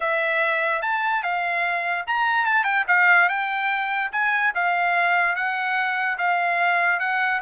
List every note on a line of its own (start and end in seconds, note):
0.00 0.82 E5
0.82 1.23 A5
1.23 2.05 F5
2.07 2.45 A#5
2.45 2.64 A5
2.64 2.84 G5
2.87 3.28 F5
3.28 4.10 G5
4.12 4.53 G#5
4.54 5.35 F5
5.35 6.17 F#5
6.18 6.99 F5
6.99 7.40 F#5